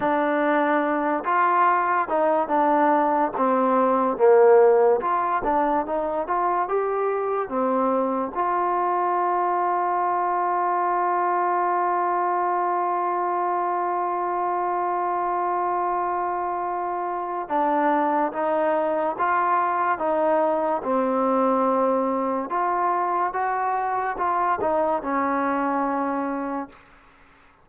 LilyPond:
\new Staff \with { instrumentName = "trombone" } { \time 4/4 \tempo 4 = 72 d'4. f'4 dis'8 d'4 | c'4 ais4 f'8 d'8 dis'8 f'8 | g'4 c'4 f'2~ | f'1~ |
f'1~ | f'4 d'4 dis'4 f'4 | dis'4 c'2 f'4 | fis'4 f'8 dis'8 cis'2 | }